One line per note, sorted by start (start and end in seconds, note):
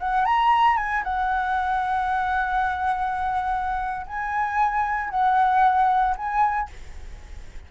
0.00 0.26 F#5
0.26 0.77 A#5
0.77 1.04 G#5
1.04 4.07 F#5
4.07 5.11 G#5
5.11 6.16 F#5
6.17 6.70 G#5